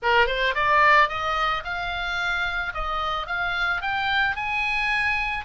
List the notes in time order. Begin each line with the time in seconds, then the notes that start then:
0.02 A#4
0.27 C5
0.54 D5
1.09 D#5
1.64 F5
2.74 D#5
3.27 F5
3.81 G5
4.36 G#5